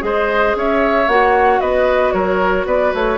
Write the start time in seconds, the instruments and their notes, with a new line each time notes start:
0.00 bassoon G#3, clarinet G#4, oboe C5, flute D#5
0.55 bassoon C#4, oboe C#5, flute E5
1.07 bassoon A#3, clarinet F#4, flute F#5
1.60 bassoon B3, oboe B4, flute D#5
2.12 bassoon F#3, oboe A#4, flute C#5
2.66 bassoon B3, oboe B4, flute D5
2.94 bassoon A3, flute C#5